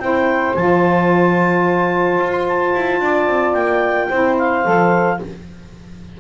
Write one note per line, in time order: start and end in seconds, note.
0.00 0.55 C4
0.00 0.56 E4
0.00 3.03 C5
0.00 0.55 G5
0.55 2.19 F3
0.55 4.11 F4
0.55 2.32 A5
2.19 2.74 F4
2.32 2.46 C6
2.49 3.54 A5
2.75 3.01 E4
3.01 3.27 D4
3.01 4.09 D5
3.27 3.54 C4
3.54 4.09 A#3
3.54 4.36 G5
4.09 4.66 C4
4.09 4.64 E4
4.09 5.18 C5
4.39 5.20 F5
4.64 5.20 F3
4.64 5.19 A4